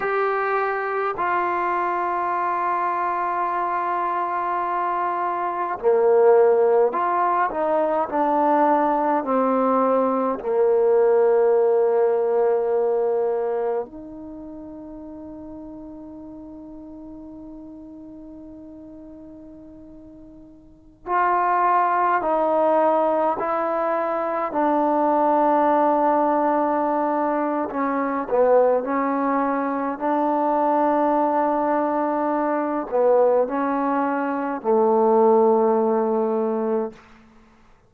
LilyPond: \new Staff \with { instrumentName = "trombone" } { \time 4/4 \tempo 4 = 52 g'4 f'2.~ | f'4 ais4 f'8 dis'8 d'4 | c'4 ais2. | dis'1~ |
dis'2~ dis'16 f'4 dis'8.~ | dis'16 e'4 d'2~ d'8. | cis'8 b8 cis'4 d'2~ | d'8 b8 cis'4 a2 | }